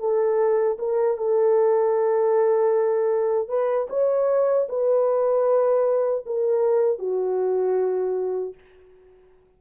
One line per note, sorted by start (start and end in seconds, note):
0.00 0.78 A4
0.79 1.18 A#4
1.18 3.49 A4
3.49 3.88 B4
3.90 4.68 C#5
4.69 6.25 B4
6.27 6.99 A#4
6.99 8.55 F#4